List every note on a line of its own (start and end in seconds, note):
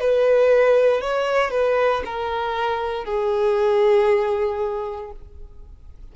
0.00 1.02 B4
1.02 1.51 C#5
1.51 2.03 B4
2.05 3.05 A#4
3.05 5.12 G#4